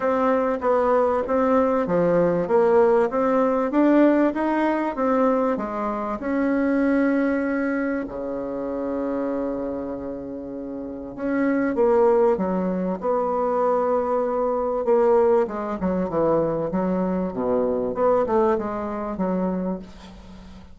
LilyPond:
\new Staff \with { instrumentName = "bassoon" } { \time 4/4 \tempo 4 = 97 c'4 b4 c'4 f4 | ais4 c'4 d'4 dis'4 | c'4 gis4 cis'2~ | cis'4 cis2.~ |
cis2 cis'4 ais4 | fis4 b2. | ais4 gis8 fis8 e4 fis4 | b,4 b8 a8 gis4 fis4 | }